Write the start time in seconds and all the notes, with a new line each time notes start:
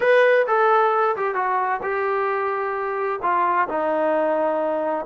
0.00 B4
0.47 A4
1.16 G4
1.34 F#4
1.82 G4
3.22 F4
3.68 D#4